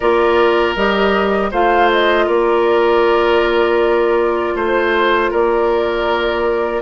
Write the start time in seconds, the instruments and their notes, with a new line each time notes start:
0.00 bassoon A#3, clarinet F4, oboe A#4, flute D5
0.75 bassoon G3, clarinet G4, flute D#5
1.51 bassoon A3, clarinet F4, oboe C5, flute F5
1.91 flute D#5
2.26 bassoon A#3, oboe A#4, flute D5
4.55 bassoon A3, oboe C5, flute C5
5.31 bassoon A#3, oboe A#4, flute D5